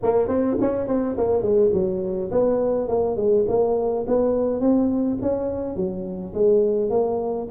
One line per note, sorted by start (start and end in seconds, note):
0.02 0.28 A#3
0.28 0.56 C4
0.61 0.87 C#4
0.87 1.16 C4
1.17 1.41 A#3
1.41 1.70 G#3
1.73 2.31 F#3
2.31 2.88 B3
2.88 3.16 A#3
3.16 3.45 G#3
3.47 4.05 A#3
4.07 4.60 B3
4.60 5.18 C4
5.21 5.76 C#4
5.76 6.33 F#3
6.34 6.90 G#3
6.90 7.47 A#3